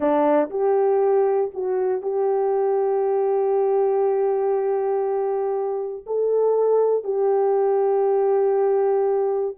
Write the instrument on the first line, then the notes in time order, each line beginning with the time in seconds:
horn
0.00 D4
0.50 G4
1.54 F#4
2.01 G4
6.06 A4
7.03 G4